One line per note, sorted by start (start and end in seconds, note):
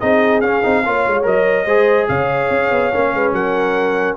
0.00 0.42 C4
0.00 0.42 D#4
0.00 0.83 G#4
0.00 0.41 D#5
0.41 0.62 C#4
0.41 0.63 C#4
0.41 1.24 F5
0.63 0.86 C4
0.63 0.84 D#4
0.85 1.07 A#3
0.85 1.23 F4
0.85 1.66 C#5
1.07 1.26 G#3
1.23 1.66 F#3
1.23 1.64 A#4
1.23 2.08 D#5
1.66 2.07 G#3
1.66 2.93 G#4
1.66 2.08 C5
2.08 2.50 C#3
2.08 3.13 C#5
2.08 3.33 F5
2.50 2.71 C#4
2.71 2.91 B3
2.93 3.14 A#3
2.93 4.17 C#4
3.14 3.32 G#3
3.14 3.34 B4
3.32 4.15 F#3
3.32 4.17 A#4
3.32 4.17 F#5